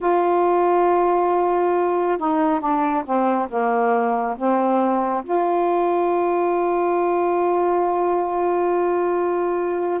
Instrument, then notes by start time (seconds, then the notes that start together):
saxophone
0.00 F4
2.18 D#4
2.60 D4
3.05 C4
3.49 A#3
4.36 C4
5.24 F4